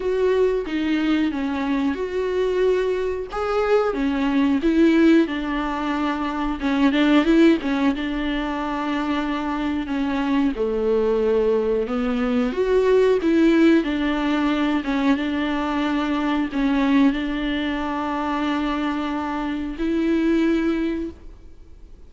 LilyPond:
\new Staff \with { instrumentName = "viola" } { \time 4/4 \tempo 4 = 91 fis'4 dis'4 cis'4 fis'4~ | fis'4 gis'4 cis'4 e'4 | d'2 cis'8 d'8 e'8 cis'8 | d'2. cis'4 |
a2 b4 fis'4 | e'4 d'4. cis'8 d'4~ | d'4 cis'4 d'2~ | d'2 e'2 | }